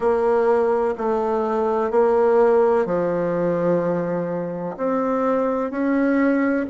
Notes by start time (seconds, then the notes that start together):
0.00 A#3
0.97 A3
1.90 A#3
2.85 F3
4.77 C4
5.71 C#4